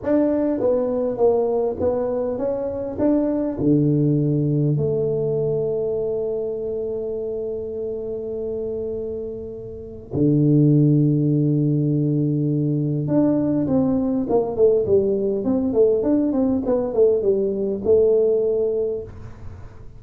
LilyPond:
\new Staff \with { instrumentName = "tuba" } { \time 4/4 \tempo 4 = 101 d'4 b4 ais4 b4 | cis'4 d'4 d2 | a1~ | a1~ |
a4 d2.~ | d2 d'4 c'4 | ais8 a8 g4 c'8 a8 d'8 c'8 | b8 a8 g4 a2 | }